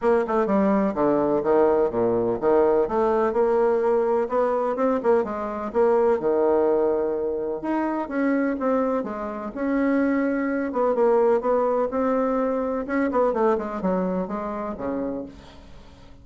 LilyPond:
\new Staff \with { instrumentName = "bassoon" } { \time 4/4 \tempo 4 = 126 ais8 a8 g4 d4 dis4 | ais,4 dis4 a4 ais4~ | ais4 b4 c'8 ais8 gis4 | ais4 dis2. |
dis'4 cis'4 c'4 gis4 | cis'2~ cis'8 b8 ais4 | b4 c'2 cis'8 b8 | a8 gis8 fis4 gis4 cis4 | }